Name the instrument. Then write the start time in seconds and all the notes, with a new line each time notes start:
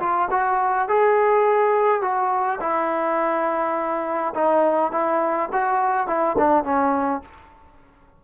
trombone
0.00 F4
0.31 F#4
0.89 G#4
2.02 F#4
2.61 E4
4.35 D#4
4.92 E4
5.53 F#4
6.08 E4
6.39 D4
6.65 C#4